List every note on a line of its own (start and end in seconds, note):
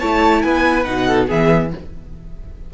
0.00 0.45 A3
0.00 0.85 E4
0.00 0.43 C#5
0.00 0.43 A5
0.43 0.88 B3
0.43 1.07 B4
0.43 0.85 G#5
0.85 1.31 B2
0.85 1.28 D#4
0.85 1.28 F#5
1.07 1.28 A4
1.28 1.74 E3
1.28 1.71 B3
1.28 1.71 G#4
1.28 1.74 E5